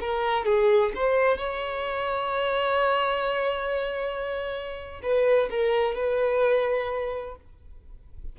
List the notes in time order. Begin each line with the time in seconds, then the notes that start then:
0.00 A#4
0.45 G#4
0.95 C5
1.38 C#5
5.02 B4
5.50 A#4
5.95 B4